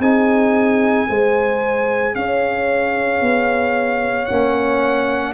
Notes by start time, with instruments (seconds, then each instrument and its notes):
0.00 tuba C4, trombone D#4, horn G#4, trumpet G#5
1.08 tuba G#3, trombone G#4, horn C5
2.15 tuba C#4, horn C#5, trumpet F5
3.22 tuba B3
4.26 tuba A#3, trombone C#4, trumpet F#5